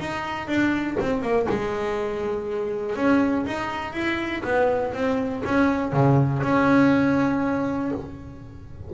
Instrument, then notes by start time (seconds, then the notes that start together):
double bass
0.00 D#4
0.47 D4
1.00 C4
1.21 A#3
1.49 G#3
2.96 C#4
3.46 D#4
3.93 E4
4.43 B3
4.93 C4
5.45 C#4
5.92 C#3
6.42 C#4